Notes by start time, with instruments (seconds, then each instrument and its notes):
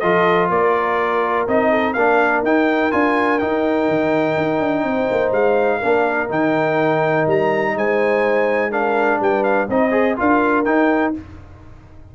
0.00 tuba F3, trombone F4, horn A4, trumpet D#5
0.50 tuba A#3, horn A#4, trumpet D5
1.48 tuba C4, trombone D#4, trumpet D#5
1.71 horn A4
1.93 tuba A#3, trombone D4, horn A#4, trumpet F5
2.43 tuba D#4, trombone D#4, trumpet G5
2.92 tuba D4, trombone F4, trumpet G#5
3.39 trombone D#4, tuba D#4, trumpet G5
3.89 tuba D#3
4.37 tuba D#4
4.60 tuba D4
4.84 tuba C4, horn C5
5.11 tuba A#3
5.32 tuba G#3, trumpet F5
5.79 tuba A#3, trombone D4, horn A#4
6.29 tuba D#3, trombone D#4, trumpet G5
7.27 tuba G3, trumpet A#5
7.76 tuba G#3, horn C5, trumpet G#5
8.71 trombone D4, horn A#4, trumpet F5
9.20 tuba G3, horn B4, trumpet G5
9.44 trumpet F5
9.69 tuba C4, trombone D#4, horn C5, trumpet D#5
9.91 trombone G#4
10.17 tuba D4, trombone F4, horn A#4, trumpet F5
10.65 tuba D#4, trombone D#4, trumpet G5